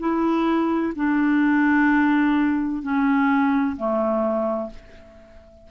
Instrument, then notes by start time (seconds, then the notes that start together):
clarinet
0.00 E4
0.96 D4
2.83 C#4
3.77 A3